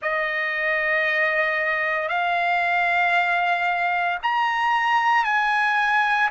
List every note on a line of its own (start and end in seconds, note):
0.02 2.08 D#5
2.08 4.18 F5
4.22 5.24 A#5
5.24 6.29 G#5